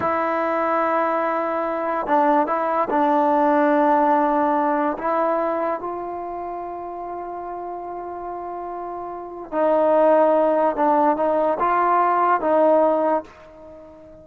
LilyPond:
\new Staff \with { instrumentName = "trombone" } { \time 4/4 \tempo 4 = 145 e'1~ | e'4 d'4 e'4 d'4~ | d'1 | e'2 f'2~ |
f'1~ | f'2. dis'4~ | dis'2 d'4 dis'4 | f'2 dis'2 | }